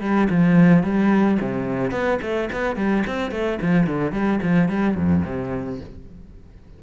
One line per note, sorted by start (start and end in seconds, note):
0.00 0.28 G3
0.30 0.83 F3
0.83 1.38 G3
1.41 1.91 C3
1.91 2.18 B3
2.21 2.49 A3
2.52 2.76 B3
2.76 3.03 G3
3.07 3.31 C4
3.31 3.58 A3
3.61 3.86 F3
3.86 4.12 D3
4.12 4.39 G3
4.42 4.68 F3
4.68 4.95 G3
4.95 5.22 F2
5.24 5.79 C3